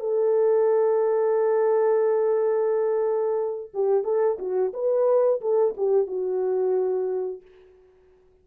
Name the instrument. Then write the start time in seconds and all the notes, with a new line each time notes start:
horn
0.00 A4
3.74 G4
4.04 A4
4.39 F#4
4.73 B4
5.41 A4
5.77 G4
6.07 F#4